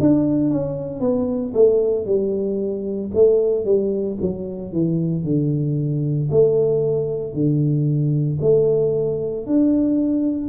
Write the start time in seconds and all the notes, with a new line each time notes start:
0.00 D4
0.50 C#4
1.00 B3
1.54 A3
2.06 G3
3.14 A3
3.65 G3
4.21 F#3
4.73 E3
5.24 D3
6.31 A3
7.33 D3
8.41 A3
9.46 D4